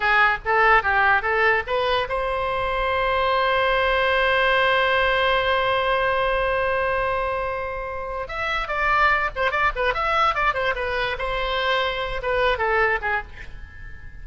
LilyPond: \new Staff \with { instrumentName = "oboe" } { \time 4/4 \tempo 4 = 145 gis'4 a'4 g'4 a'4 | b'4 c''2.~ | c''1~ | c''1~ |
c''1 | e''4 d''4. c''8 d''8 b'8 | e''4 d''8 c''8 b'4 c''4~ | c''4. b'4 a'4 gis'8 | }